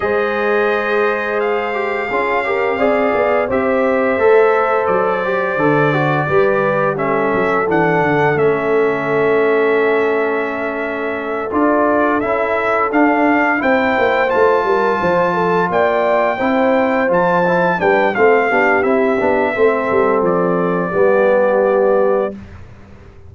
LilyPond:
<<
  \new Staff \with { instrumentName = "trumpet" } { \time 4/4 \tempo 4 = 86 dis''2 f''2~ | f''4 e''2 d''4~ | d''2 e''4 fis''4 | e''1~ |
e''8 d''4 e''4 f''4 g''8~ | g''8 a''2 g''4.~ | g''8 a''4 g''8 f''4 e''4~ | e''4 d''2. | }
  \new Staff \with { instrumentName = "horn" } { \time 4/4 c''2. gis'8 ais'8 | d''4 c''2.~ | c''4 b'4 a'2~ | a'1~ |
a'2.~ a'8 c''8~ | c''4 ais'8 c''8 a'8 d''4 c''8~ | c''4. b'8 a'8 g'4. | a'2 g'2 | }
  \new Staff \with { instrumentName = "trombone" } { \time 4/4 gis'2~ gis'8 g'8 f'8 g'8 | gis'4 g'4 a'4. g'8 | a'8 fis'8 g'4 cis'4 d'4 | cis'1~ |
cis'8 f'4 e'4 d'4 e'8~ | e'8 f'2. e'8~ | e'8 f'8 e'8 d'8 c'8 d'8 e'8 d'8 | c'2 b2 | }
  \new Staff \with { instrumentName = "tuba" } { \time 4/4 gis2. cis'4 | c'8 b8 c'4 a4 fis4 | d4 g4. fis8 e8 d8 | a1~ |
a8 d'4 cis'4 d'4 c'8 | ais8 a8 g8 f4 ais4 c'8~ | c'8 f4 g8 a8 b8 c'8 b8 | a8 g8 f4 g2 | }
>>